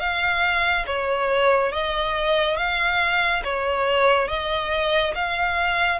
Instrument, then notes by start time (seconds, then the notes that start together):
violin
0.00 F5
0.86 C#5
1.72 D#5
2.57 F5
3.44 C#5
4.28 D#5
5.15 F5